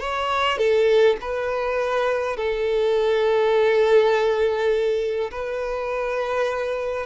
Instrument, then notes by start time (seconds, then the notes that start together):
violin
0.00 C#5
0.58 A4
1.21 B4
2.37 A4
5.31 B4